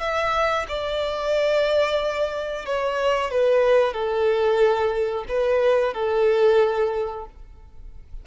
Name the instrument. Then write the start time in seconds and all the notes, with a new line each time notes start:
violin
0.00 E5
0.68 D5
2.66 C#5
3.31 B4
3.93 A4
5.28 B4
5.93 A4